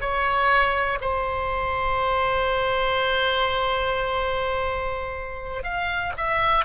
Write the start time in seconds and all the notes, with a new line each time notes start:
0.00 C#5
1.01 C5
5.63 F5
6.17 E5